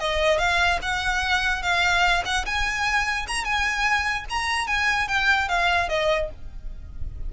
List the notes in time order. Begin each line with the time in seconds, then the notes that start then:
0.00 D#5
0.39 F5
0.82 F#5
1.63 F5
2.25 F#5
2.46 G#5
3.28 A#5
3.45 G#5
4.30 A#5
4.68 G#5
5.08 G5
5.49 F5
5.89 D#5